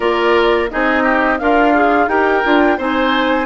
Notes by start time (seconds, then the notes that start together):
0.00 A#3 F4 A#4 D5
0.69 C4 D#4 G#4 D#5
1.03 G4
1.38 D4 F4 A#4 F5
1.74 G#4
2.07 D#4 G4 A#4 G5
2.43 D4 F4
2.77 C4 D#4 C5 G#5